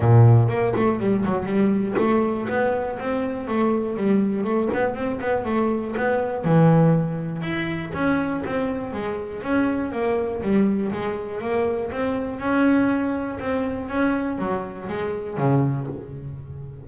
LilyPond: \new Staff \with { instrumentName = "double bass" } { \time 4/4 \tempo 4 = 121 ais,4 ais8 a8 g8 fis8 g4 | a4 b4 c'4 a4 | g4 a8 b8 c'8 b8 a4 | b4 e2 e'4 |
cis'4 c'4 gis4 cis'4 | ais4 g4 gis4 ais4 | c'4 cis'2 c'4 | cis'4 fis4 gis4 cis4 | }